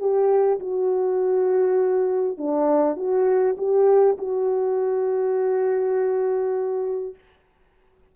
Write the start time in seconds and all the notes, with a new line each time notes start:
0.00 G4
0.60 F#4
2.38 D4
2.97 F#4
3.58 G4
4.18 F#4